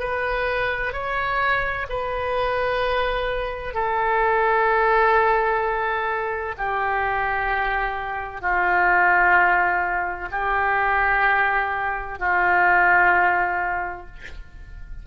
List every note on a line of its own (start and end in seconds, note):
0.00 0.93 B4
0.93 1.87 C#5
1.89 3.74 B4
3.74 6.55 A4
6.58 8.42 G4
8.42 10.29 F4
10.32 12.19 G4
12.19 14.07 F4